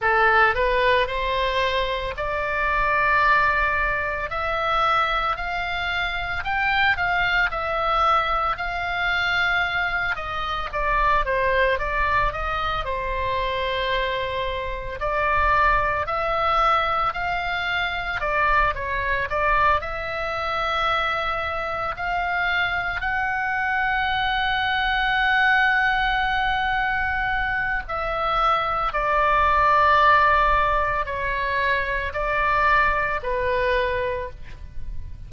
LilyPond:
\new Staff \with { instrumentName = "oboe" } { \time 4/4 \tempo 4 = 56 a'8 b'8 c''4 d''2 | e''4 f''4 g''8 f''8 e''4 | f''4. dis''8 d''8 c''8 d''8 dis''8 | c''2 d''4 e''4 |
f''4 d''8 cis''8 d''8 e''4.~ | e''8 f''4 fis''2~ fis''8~ | fis''2 e''4 d''4~ | d''4 cis''4 d''4 b'4 | }